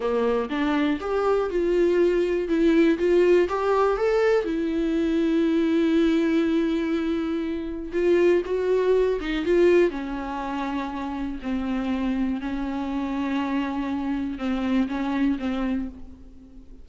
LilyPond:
\new Staff \with { instrumentName = "viola" } { \time 4/4 \tempo 4 = 121 ais4 d'4 g'4 f'4~ | f'4 e'4 f'4 g'4 | a'4 e'2.~ | e'1 |
f'4 fis'4. dis'8 f'4 | cis'2. c'4~ | c'4 cis'2.~ | cis'4 c'4 cis'4 c'4 | }